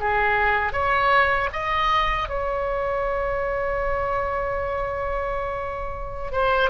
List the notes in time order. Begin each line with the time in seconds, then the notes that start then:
0.00 G#4
0.73 C#5
1.53 D#5
2.29 C#5
6.33 C5